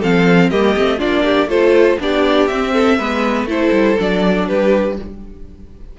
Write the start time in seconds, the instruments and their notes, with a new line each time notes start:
0.00 cello F3, viola C4, violin A4 F5
0.50 cello G3, viola A#3, violin G4 D#5
0.77 cello A3, viola C4
0.98 cello A#3, viola D4, violin F4 D5
1.24 violin G4
1.47 cello A3, viola F4, violin A4 C5
2.00 cello B3, viola D4, violin G4 D5
2.47 viola C4, cello C4, violin E5
2.73 violin A4
2.98 cello G#3, viola B3, violin B4
3.44 cello A3, viola E4, violin A4 C5
3.72 cello G3
3.98 cello F#3, viola D4, violin D5
4.48 cello G3, violin G4 B4